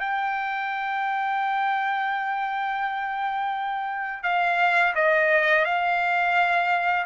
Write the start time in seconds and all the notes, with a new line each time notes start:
0.00 G5
4.23 F5
4.95 D#5
5.65 F5